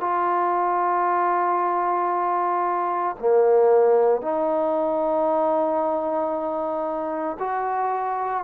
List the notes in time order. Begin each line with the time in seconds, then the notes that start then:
0.00 F4
3.20 A#3
4.22 D#4
7.39 F#4